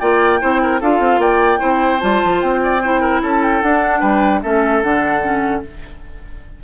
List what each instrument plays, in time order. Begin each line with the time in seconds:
0.00 bassoon A#3, clarinet F4, oboe D5, flute G5
0.40 bassoon C4, clarinet E4, oboe C5
0.63 oboe A#4
0.80 bassoon D4, clarinet F4, oboe A4, flute F5
1.00 bassoon C4
1.18 bassoon A#3, oboe D5, flute G5
1.59 bassoon C4, clarinet E4, oboe C5
2.00 bassoon G3, clarinet F4, flute A5
2.24 bassoon F3
2.41 bassoon C4, flute G5
2.64 oboe D5
2.83 clarinet E4, oboe C5
3.01 oboe A#4
3.22 bassoon C#4, oboe A4, flute A5
3.43 flute G5
3.62 bassoon D4, clarinet D4, flute F#5
4.00 bassoon G3, oboe B4, flute G5
4.43 bassoon A3, clarinet C#4, oboe A4, flute E5
4.83 bassoon D3, clarinet D4, flute F#5
5.22 clarinet C#4